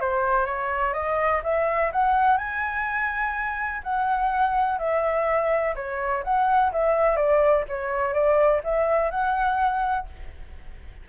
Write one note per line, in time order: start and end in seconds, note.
0.00 0.46 C5
0.46 0.93 C#5
0.93 1.41 D#5
1.43 1.91 E5
1.92 2.37 F#5
2.37 3.81 G#5
3.83 4.78 F#5
4.78 5.74 E5
5.75 6.23 C#5
6.24 6.72 F#5
6.72 7.16 E5
7.16 7.64 D5
7.68 8.13 C#5
8.13 8.61 D5
8.64 9.10 E5
9.10 10.06 F#5